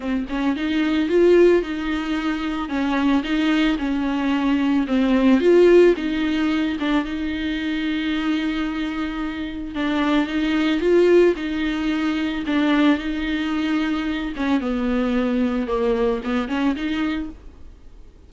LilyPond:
\new Staff \with { instrumentName = "viola" } { \time 4/4 \tempo 4 = 111 c'8 cis'8 dis'4 f'4 dis'4~ | dis'4 cis'4 dis'4 cis'4~ | cis'4 c'4 f'4 dis'4~ | dis'8 d'8 dis'2.~ |
dis'2 d'4 dis'4 | f'4 dis'2 d'4 | dis'2~ dis'8 cis'8 b4~ | b4 ais4 b8 cis'8 dis'4 | }